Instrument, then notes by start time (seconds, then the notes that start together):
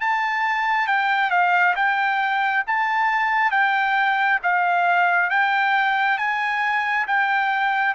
trumpet
0.00 A5
0.87 G5
1.30 F5
1.75 G5
2.67 A5
3.51 G5
4.42 F5
5.30 G5
6.18 G#5
7.07 G5